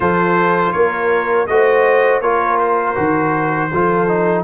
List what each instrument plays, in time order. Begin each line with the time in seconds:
0.00 tuba F3, trombone F4, horn A4, trumpet C5
0.72 tuba A#3, horn A#4, trumpet C#5
1.46 tuba A3, trombone F#4, horn C5, trumpet D#5
2.21 tuba A#3, trombone F4, horn A#4, trumpet C#5
2.58 trumpet C5
2.95 tuba D#3, trombone F#4
3.71 tuba F3, trombone F4, horn A4
4.08 trombone D#4